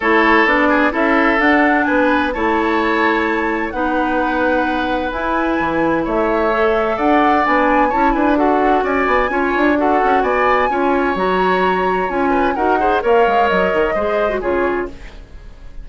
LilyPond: <<
  \new Staff \with { instrumentName = "flute" } { \time 4/4 \tempo 4 = 129 cis''4 d''4 e''4 fis''4 | gis''4 a''2. | fis''2. gis''4~ | gis''4 e''2 fis''4 |
gis''4 a''8 gis''8 fis''4 gis''4~ | gis''4 fis''4 gis''2 | ais''2 gis''4 fis''4 | f''4 dis''2 cis''4 | }
  \new Staff \with { instrumentName = "oboe" } { \time 4/4 a'4. gis'8 a'2 | b'4 cis''2. | b'1~ | b'4 cis''2 d''4~ |
d''4 cis''8 b'8 a'4 d''4 | cis''4 a'4 d''4 cis''4~ | cis''2~ cis''8 b'8 ais'8 c''8 | cis''2 c''4 gis'4 | }
  \new Staff \with { instrumentName = "clarinet" } { \time 4/4 e'4 d'4 e'4 d'4~ | d'4 e'2. | dis'2. e'4~ | e'2 a'2 |
d'4 e'4 fis'2 | f'4 fis'2 f'4 | fis'2 f'4 fis'8 gis'8 | ais'2 gis'8. fis'16 f'4 | }
  \new Staff \with { instrumentName = "bassoon" } { \time 4/4 a4 b4 cis'4 d'4 | b4 a2. | b2. e'4 | e4 a2 d'4 |
b4 cis'8 d'4. cis'8 b8 | cis'8 d'4 cis'8 b4 cis'4 | fis2 cis'4 dis'4 | ais8 gis8 fis8 dis8 gis4 cis4 | }
>>